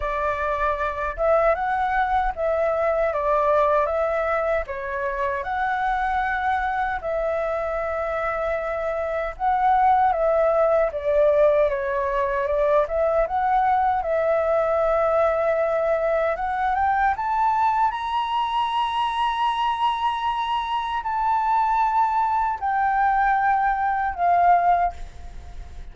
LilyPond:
\new Staff \with { instrumentName = "flute" } { \time 4/4 \tempo 4 = 77 d''4. e''8 fis''4 e''4 | d''4 e''4 cis''4 fis''4~ | fis''4 e''2. | fis''4 e''4 d''4 cis''4 |
d''8 e''8 fis''4 e''2~ | e''4 fis''8 g''8 a''4 ais''4~ | ais''2. a''4~ | a''4 g''2 f''4 | }